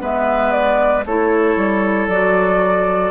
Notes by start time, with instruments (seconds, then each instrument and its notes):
0.00 bassoon G#3, clarinet B3, oboe B4, flute E5
0.52 flute D5
1.06 bassoon A3, clarinet E4, oboe A4, flute C#5
1.57 bassoon G3
2.08 bassoon F#3, clarinet F#4, flute D5